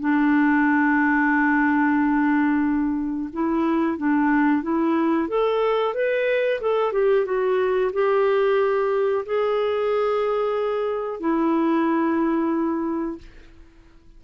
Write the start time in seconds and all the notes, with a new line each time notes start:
0.00 D4
3.33 E4
3.98 D4
4.63 E4
5.29 A4
5.95 B4
6.61 A4
6.93 G4
7.25 F#4
7.93 G4
9.26 G#4
11.20 E4